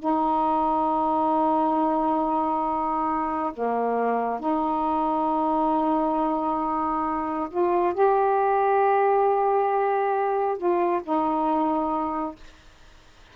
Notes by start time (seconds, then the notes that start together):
0.00 D#4
3.54 A#3
4.40 D#4
7.50 F4
7.94 G4
10.58 F4
11.04 D#4